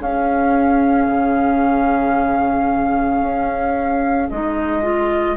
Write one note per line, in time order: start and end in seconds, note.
0.00 1.07 C#4
0.00 4.29 C#4
0.00 5.37 G#4
0.00 4.30 F5
1.08 3.21 C#3
3.21 4.29 C#4
4.30 5.38 G#3
4.30 4.82 D#4
4.30 5.37 D#5
4.82 5.36 F4